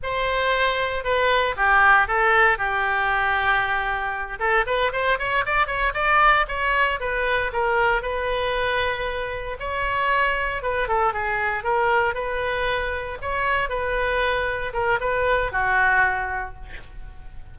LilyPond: \new Staff \with { instrumentName = "oboe" } { \time 4/4 \tempo 4 = 116 c''2 b'4 g'4 | a'4 g'2.~ | g'8 a'8 b'8 c''8 cis''8 d''8 cis''8 d''8~ | d''8 cis''4 b'4 ais'4 b'8~ |
b'2~ b'8 cis''4.~ | cis''8 b'8 a'8 gis'4 ais'4 b'8~ | b'4. cis''4 b'4.~ | b'8 ais'8 b'4 fis'2 | }